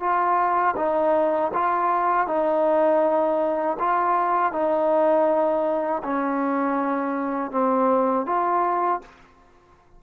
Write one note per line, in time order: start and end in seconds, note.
0.00 0.75 F4
0.76 1.51 D#4
1.54 2.27 F4
2.27 3.77 D#4
3.79 4.52 F4
4.52 6.02 D#4
6.03 7.51 C#4
7.51 8.26 C4
8.26 9.01 F4